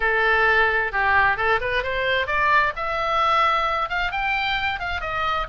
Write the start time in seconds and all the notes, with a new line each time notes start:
0.00 A4
0.92 G4
1.36 A4
1.60 B4
1.83 C5
2.27 D5
2.75 E5
3.89 F5
4.11 G5
4.79 F5
5.00 D#5